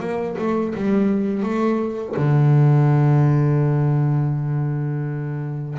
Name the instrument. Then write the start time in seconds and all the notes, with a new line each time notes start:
double bass
0.00 A#3
0.38 A3
0.75 G3
1.43 A3
2.17 D3